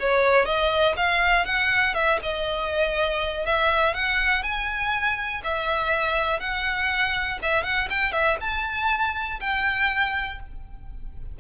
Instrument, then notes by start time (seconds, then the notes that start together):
violin
0.00 C#5
0.46 D#5
0.97 F5
1.46 F#5
1.95 E5
2.23 D#5
3.46 E5
3.95 F#5
4.43 G#5
5.44 E5
6.40 F#5
7.43 E5
7.64 F#5
7.90 G5
8.13 E5
8.41 A5
9.41 G5